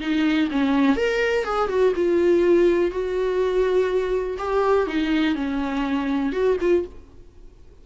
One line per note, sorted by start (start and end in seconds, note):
0.00 0.49 D#4
0.51 0.96 C#4
0.96 1.44 A#4
1.44 1.69 G#4
1.69 1.93 F#4
1.96 2.91 F4
2.91 4.37 F#4
4.38 4.87 G4
4.87 5.35 D#4
5.35 6.32 C#4
6.32 6.57 F#4
6.60 6.85 F4